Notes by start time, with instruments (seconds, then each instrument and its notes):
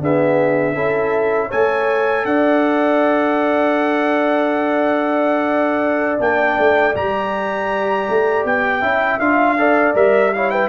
0.00 trombone B3, tuba D4, horn G#4, trumpet E5
0.74 tuba C#4, trombone E4, horn A4
1.48 tuba A3, trombone A4, horn C#5, trumpet G#5
2.24 tuba D4, horn D5, trumpet F#5
6.19 tuba A#3, trombone D4, trumpet G5
6.58 tuba A3
6.94 tuba G3, trombone G4, trumpet A#5
8.09 tuba A3
8.45 tuba B3, trumpet G5
8.81 tuba C#4, trombone E4, horn E5
9.19 tuba D4, trombone F4, trumpet F5
9.58 trombone A4, horn D5
9.94 tuba G3, trombone A#4, trumpet E5
10.33 trombone E4, horn C#5, trumpet F5
10.50 horn B4, trumpet G5